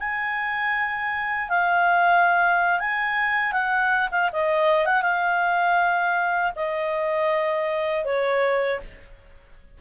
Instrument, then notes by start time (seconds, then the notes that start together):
clarinet
0.00 G#5
1.50 F5
2.80 G#5
3.53 F#5
4.12 F5
4.33 D#5
4.86 F#5
5.02 F5
6.56 D#5
8.06 C#5